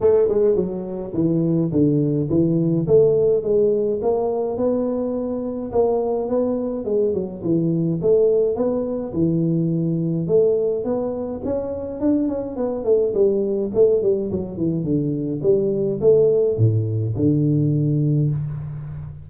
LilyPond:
\new Staff \with { instrumentName = "tuba" } { \time 4/4 \tempo 4 = 105 a8 gis8 fis4 e4 d4 | e4 a4 gis4 ais4 | b2 ais4 b4 | gis8 fis8 e4 a4 b4 |
e2 a4 b4 | cis'4 d'8 cis'8 b8 a8 g4 | a8 g8 fis8 e8 d4 g4 | a4 a,4 d2 | }